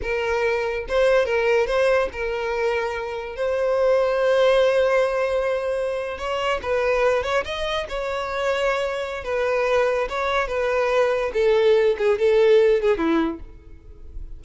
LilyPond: \new Staff \with { instrumentName = "violin" } { \time 4/4 \tempo 4 = 143 ais'2 c''4 ais'4 | c''4 ais'2. | c''1~ | c''2~ c''8. cis''4 b'16~ |
b'4~ b'16 cis''8 dis''4 cis''4~ cis''16~ | cis''2 b'2 | cis''4 b'2 a'4~ | a'8 gis'8 a'4. gis'8 e'4 | }